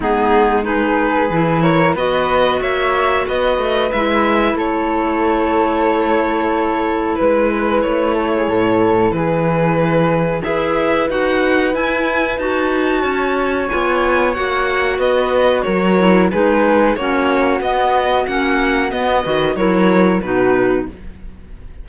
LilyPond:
<<
  \new Staff \with { instrumentName = "violin" } { \time 4/4 \tempo 4 = 92 gis'4 b'4. cis''8 dis''4 | e''4 dis''4 e''4 cis''4~ | cis''2. b'4 | cis''2 b'2 |
e''4 fis''4 gis''4 a''4~ | a''4 gis''4 fis''4 dis''4 | cis''4 b'4 cis''4 dis''4 | fis''4 dis''4 cis''4 b'4 | }
  \new Staff \with { instrumentName = "flute" } { \time 4/4 dis'4 gis'4. ais'8 b'4 | cis''4 b'2 a'4~ | a'2. b'4~ | b'8 a'16 gis'16 a'4 gis'2 |
b'1 | cis''2. b'4 | ais'4 gis'4 fis'2~ | fis'4. b'8 ais'4 fis'4 | }
  \new Staff \with { instrumentName = "clarinet" } { \time 4/4 b4 dis'4 e'4 fis'4~ | fis'2 e'2~ | e'1~ | e'1 |
gis'4 fis'4 e'4 fis'4~ | fis'4 f'4 fis'2~ | fis'8 e'8 dis'4 cis'4 b4 | cis'4 b8 fis'8 e'4 dis'4 | }
  \new Staff \with { instrumentName = "cello" } { \time 4/4 gis2 e4 b4 | ais4 b8 a8 gis4 a4~ | a2. gis4 | a4 a,4 e2 |
e'4 dis'4 e'4 dis'4 | cis'4 b4 ais4 b4 | fis4 gis4 ais4 b4 | ais4 b8 dis8 fis4 b,4 | }
>>